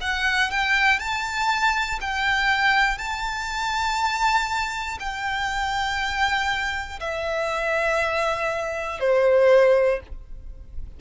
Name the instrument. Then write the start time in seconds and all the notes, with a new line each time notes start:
violin
0.00 F#5
0.50 G5
0.99 A5
2.00 G5
2.98 A5
5.00 G5
7.00 E5
9.00 C5